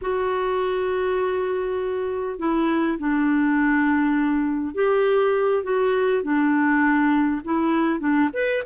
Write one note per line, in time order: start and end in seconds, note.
0.01 2.38 F#4
2.38 2.98 E4
2.98 4.74 D4
4.74 5.63 G4
5.63 6.22 F#4
6.22 7.41 D4
7.44 7.99 E4
7.99 8.29 D4
8.33 8.63 B4